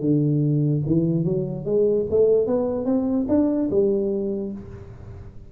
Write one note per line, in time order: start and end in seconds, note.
0.00 0.82 D3
0.86 1.24 E3
1.24 1.65 F#3
1.65 2.06 G#3
2.10 2.46 A3
2.46 2.85 B3
2.85 3.26 C4
3.28 3.69 D4
3.70 4.51 G3